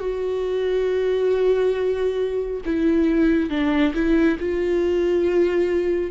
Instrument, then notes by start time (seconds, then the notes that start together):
viola
0.00 F#4
2.66 E4
3.50 D4
3.94 E4
4.39 F4